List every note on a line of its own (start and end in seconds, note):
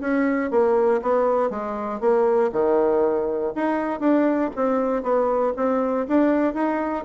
0.00 0.50 C#4
0.50 1.01 A#3
1.02 1.49 B3
1.49 2.00 G#3
2.00 2.50 A#3
2.52 3.53 D#3
3.55 4.00 D#4
4.00 4.50 D4
4.55 5.03 C4
5.03 5.53 B3
5.56 6.06 C4
6.07 6.54 D4
6.54 7.04 D#4